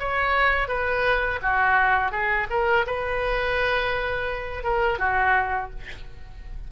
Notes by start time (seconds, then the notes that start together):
0.00 C#5
0.69 B4
1.43 F#4
2.12 G#4
2.50 A#4
2.87 B4
4.64 A#4
4.99 F#4